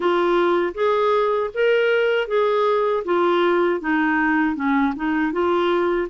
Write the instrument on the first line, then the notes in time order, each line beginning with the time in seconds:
clarinet
0.00 F4
0.74 G#4
1.54 A#4
2.27 G#4
3.04 F4
3.80 D#4
4.55 C#4
4.96 D#4
5.32 F4